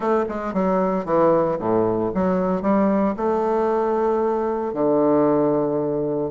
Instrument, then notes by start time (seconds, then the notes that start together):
bassoon
0.00 A3
0.28 G#3
0.53 F#3
1.05 E3
1.59 A2
2.14 F#3
2.62 G3
3.16 A3
4.73 D3